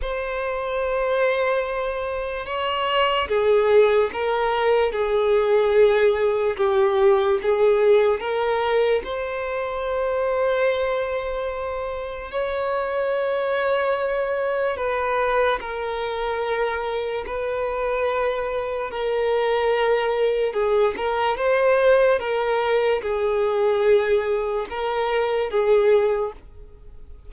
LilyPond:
\new Staff \with { instrumentName = "violin" } { \time 4/4 \tempo 4 = 73 c''2. cis''4 | gis'4 ais'4 gis'2 | g'4 gis'4 ais'4 c''4~ | c''2. cis''4~ |
cis''2 b'4 ais'4~ | ais'4 b'2 ais'4~ | ais'4 gis'8 ais'8 c''4 ais'4 | gis'2 ais'4 gis'4 | }